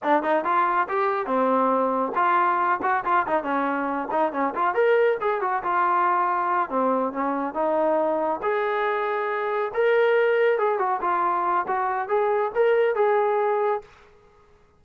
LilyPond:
\new Staff \with { instrumentName = "trombone" } { \time 4/4 \tempo 4 = 139 d'8 dis'8 f'4 g'4 c'4~ | c'4 f'4. fis'8 f'8 dis'8 | cis'4. dis'8 cis'8 f'8 ais'4 | gis'8 fis'8 f'2~ f'8 c'8~ |
c'8 cis'4 dis'2 gis'8~ | gis'2~ gis'8 ais'4.~ | ais'8 gis'8 fis'8 f'4. fis'4 | gis'4 ais'4 gis'2 | }